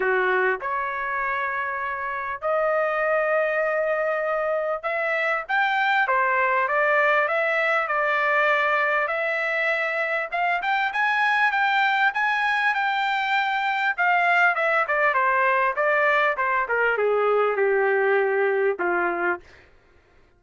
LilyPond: \new Staff \with { instrumentName = "trumpet" } { \time 4/4 \tempo 4 = 99 fis'4 cis''2. | dis''1 | e''4 g''4 c''4 d''4 | e''4 d''2 e''4~ |
e''4 f''8 g''8 gis''4 g''4 | gis''4 g''2 f''4 | e''8 d''8 c''4 d''4 c''8 ais'8 | gis'4 g'2 f'4 | }